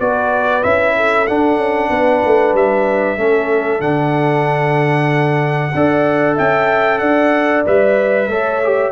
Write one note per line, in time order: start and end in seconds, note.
0.00 0.64 B3
0.00 0.63 F#4
0.00 0.96 B4
0.00 0.63 D5
0.63 1.28 C#4
0.63 1.26 E4
0.63 1.27 E5
0.96 1.91 A4
1.27 3.18 D4
1.27 1.57 D4
1.27 2.55 F#5
1.57 1.89 C#4
1.90 2.22 B3
1.90 3.18 B4
2.25 2.53 A3
2.53 3.17 G3
2.53 3.81 E5
3.17 3.80 A3
3.17 3.81 C#4
3.17 5.74 A4
3.80 5.72 D3
3.80 5.72 D4
3.80 6.36 F#5
5.74 6.38 D4
5.74 7.66 A4
5.74 6.36 D5
6.36 7.01 C#4
6.36 7.00 E5
6.36 6.99 G5
6.99 7.65 D4
6.99 8.28 D5
6.99 7.62 F#5
7.66 8.28 G3
7.66 8.30 B4
7.66 8.92 E5
8.28 8.92 A3
8.28 8.62 A4
8.28 8.92 C#5
8.64 8.92 G4